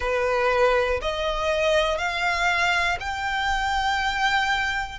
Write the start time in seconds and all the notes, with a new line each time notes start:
0.00 B4
1.01 D#5
1.98 F5
3.00 G5